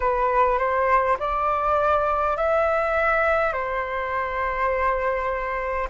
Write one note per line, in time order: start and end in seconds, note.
0.00 0.58 B4
0.58 1.17 C5
1.19 2.36 D5
2.36 3.52 E5
3.52 5.88 C5